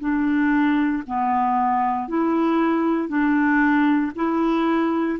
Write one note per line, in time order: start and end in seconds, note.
0.00 1.03 D4
1.07 2.08 B3
2.08 3.08 E4
3.08 4.12 D4
4.16 5.19 E4